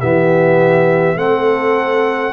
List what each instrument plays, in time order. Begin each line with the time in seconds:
0.00 tuba E3, trombone B3, horn G4, trumpet E5
1.16 tuba A3, trombone C4, horn A4, trumpet F#5